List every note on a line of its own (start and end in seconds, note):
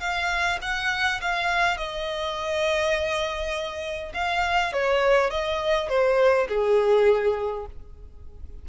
0.00 0.59 F5
0.62 1.21 F#5
1.21 1.77 F5
1.77 4.12 D#5
4.14 4.73 F5
4.73 5.30 C#5
5.30 5.89 D#5
5.89 6.48 C5
6.48 7.66 G#4